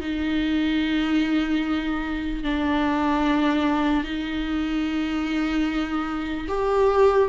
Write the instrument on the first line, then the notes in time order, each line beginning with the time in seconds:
viola
0.00 D#4
2.44 D4
4.04 D#4
6.48 G4